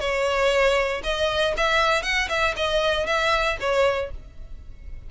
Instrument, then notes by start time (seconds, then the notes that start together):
violin
0.00 C#5
1.03 D#5
1.57 E5
2.03 F#5
2.29 E5
2.56 D#5
3.06 E5
3.60 C#5